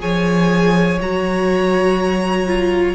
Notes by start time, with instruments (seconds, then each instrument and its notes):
0.00 cello F3, viola G#4, violin C#5 G#5
1.01 cello F#3, viola F#4, violin A#5
2.47 viola F4